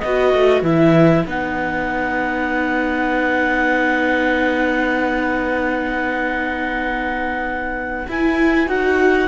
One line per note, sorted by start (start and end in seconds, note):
0.00 0.34 B3
0.00 0.65 F#4
0.00 9.28 B4
0.00 0.62 D#5
0.34 0.62 A3
0.62 1.24 E3
0.62 1.27 E4
0.62 1.25 E5
1.26 8.07 B3
1.26 8.08 D#4
1.26 8.10 F#5
8.08 8.66 E4
8.08 8.68 E4
8.08 8.69 G#5
8.66 9.28 D#4
8.66 9.28 F#4
8.66 9.28 F#5